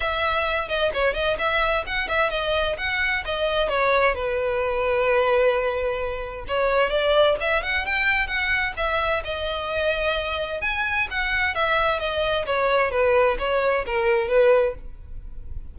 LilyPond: \new Staff \with { instrumentName = "violin" } { \time 4/4 \tempo 4 = 130 e''4. dis''8 cis''8 dis''8 e''4 | fis''8 e''8 dis''4 fis''4 dis''4 | cis''4 b'2.~ | b'2 cis''4 d''4 |
e''8 fis''8 g''4 fis''4 e''4 | dis''2. gis''4 | fis''4 e''4 dis''4 cis''4 | b'4 cis''4 ais'4 b'4 | }